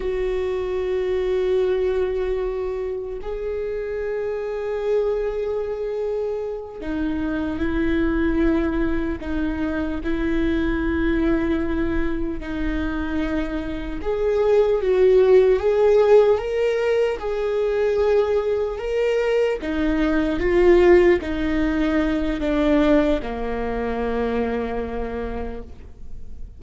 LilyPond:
\new Staff \with { instrumentName = "viola" } { \time 4/4 \tempo 4 = 75 fis'1 | gis'1~ | gis'8 dis'4 e'2 dis'8~ | dis'8 e'2. dis'8~ |
dis'4. gis'4 fis'4 gis'8~ | gis'8 ais'4 gis'2 ais'8~ | ais'8 dis'4 f'4 dis'4. | d'4 ais2. | }